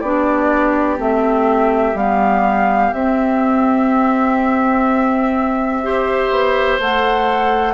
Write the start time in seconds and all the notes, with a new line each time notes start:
0.00 B3 D4 G4 D5
0.98 A3 C4 E5
1.95 G3 B3 F5
2.93 C4 E5
5.84 G4 C5
6.30 B3
6.79 A3 A4 F#5